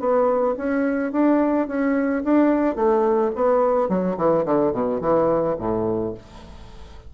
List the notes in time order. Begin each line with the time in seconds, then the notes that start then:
0.00 B3
0.58 C#4
1.12 D4
1.68 C#4
2.24 D4
2.76 A3
3.36 B3
3.89 F#3
4.17 E3
4.46 D3
4.73 B2
5.01 E3
5.59 A2